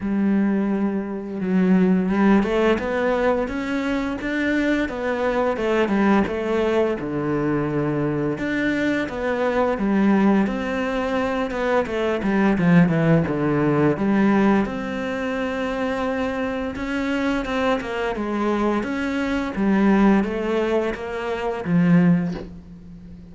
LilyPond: \new Staff \with { instrumentName = "cello" } { \time 4/4 \tempo 4 = 86 g2 fis4 g8 a8 | b4 cis'4 d'4 b4 | a8 g8 a4 d2 | d'4 b4 g4 c'4~ |
c'8 b8 a8 g8 f8 e8 d4 | g4 c'2. | cis'4 c'8 ais8 gis4 cis'4 | g4 a4 ais4 f4 | }